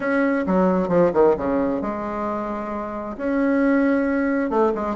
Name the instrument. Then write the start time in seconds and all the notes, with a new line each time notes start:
bassoon
0.00 C#4
0.46 F#3
0.88 F3
1.13 D#3
1.37 C#3
1.81 G#3
3.17 C#4
4.49 A3
4.75 G#3